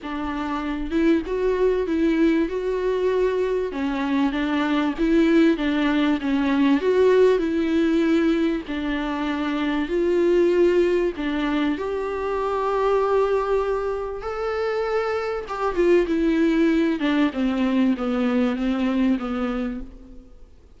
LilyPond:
\new Staff \with { instrumentName = "viola" } { \time 4/4 \tempo 4 = 97 d'4. e'8 fis'4 e'4 | fis'2 cis'4 d'4 | e'4 d'4 cis'4 fis'4 | e'2 d'2 |
f'2 d'4 g'4~ | g'2. a'4~ | a'4 g'8 f'8 e'4. d'8 | c'4 b4 c'4 b4 | }